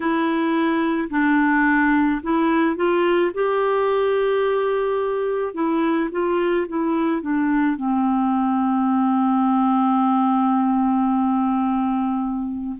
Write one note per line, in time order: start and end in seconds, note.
0.00 1.09 E4
1.10 2.21 D4
2.22 2.76 E4
2.76 3.31 F4
3.33 5.54 G4
5.54 6.09 E4
6.11 6.67 F4
6.68 7.21 E4
7.21 7.76 D4
7.76 12.76 C4